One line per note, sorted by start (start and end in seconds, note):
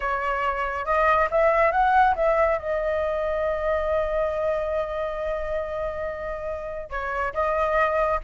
0.00 0.85 C#5
0.85 1.28 D#5
1.30 1.71 E5
1.71 2.14 F#5
2.15 2.58 E5
2.58 6.89 D#5
6.89 7.33 C#5
7.33 8.20 D#5